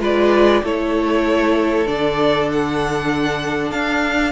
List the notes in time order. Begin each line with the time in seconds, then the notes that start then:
0.00 G#3 F4 B4 D5
0.63 A3 E4 A4 C#5
1.87 D3 D4 D5
2.52 F#5
3.71 D4 F5